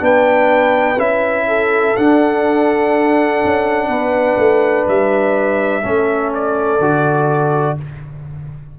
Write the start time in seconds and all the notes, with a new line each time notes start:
0.00 B3 D4 B4 G5
0.98 C#4 E4 E5
1.47 A4
1.96 D4 F#5
3.45 C#4
3.88 B3 B4
4.37 A3
4.87 G3 E5
5.83 A3 C#4 A4
6.34 D5
6.79 D3 F#4